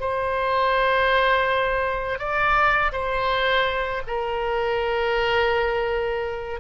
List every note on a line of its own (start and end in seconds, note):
0.00 2.19 C5
2.19 2.92 D5
2.92 4.02 C5
4.07 6.60 A#4